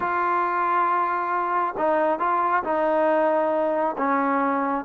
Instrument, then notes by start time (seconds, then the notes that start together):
trombone
0.00 F4
1.77 D#4
2.19 F4
2.63 D#4
3.97 C#4